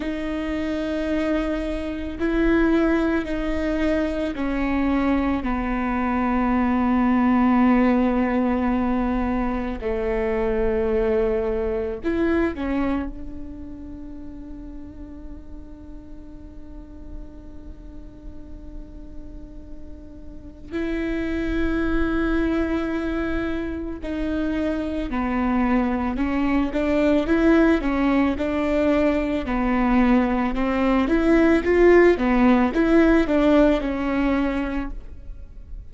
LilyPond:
\new Staff \with { instrumentName = "viola" } { \time 4/4 \tempo 4 = 55 dis'2 e'4 dis'4 | cis'4 b2.~ | b4 a2 e'8 cis'8 | d'1~ |
d'2. e'4~ | e'2 dis'4 b4 | cis'8 d'8 e'8 cis'8 d'4 b4 | c'8 e'8 f'8 b8 e'8 d'8 cis'4 | }